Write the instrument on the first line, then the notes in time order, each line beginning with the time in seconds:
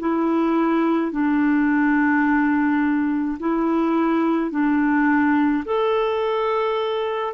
clarinet
0.00 E4
1.12 D4
3.40 E4
4.51 D4
5.66 A4